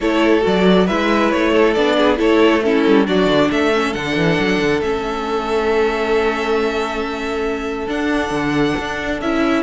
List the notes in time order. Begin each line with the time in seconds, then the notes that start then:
0.00 A3 E4 A4 C#5
0.41 F#3 F#4 D5
0.86 G#3 E4 B4 E5
1.31 A3 C#5
1.52 A4
1.73 B3 D4 D5
1.97 G#4
2.16 A3 E4 A4 C#5
2.63 C#4 E4 A4
2.87 G3
3.06 F#3 D4 F#4 D5
3.26 D3
3.51 A3 A4 E5
3.73 C#4
3.93 D3 D4 F#5
4.16 E3
4.39 F#3
4.59 D3
4.81 A3 C#4 E5
7.87 D4 F#5
8.30 D3
8.78 D4
9.21 C#4 E4 E5